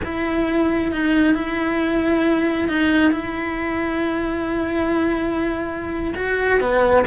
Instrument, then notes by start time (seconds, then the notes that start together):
cello
0.04 E4
0.92 D#4
1.34 E4
2.68 D#4
3.11 E4
6.15 F#4
6.60 B3